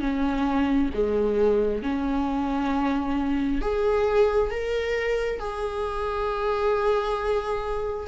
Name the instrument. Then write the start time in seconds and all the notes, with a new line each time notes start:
viola
0.00 C#4
0.94 G#3
1.82 C#4
3.61 G#4
4.50 A#4
5.39 G#4